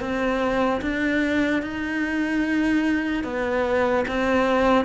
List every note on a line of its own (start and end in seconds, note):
0.00 0.81 C4
0.81 1.62 D4
1.62 3.24 D#4
3.24 4.05 B3
4.08 4.85 C4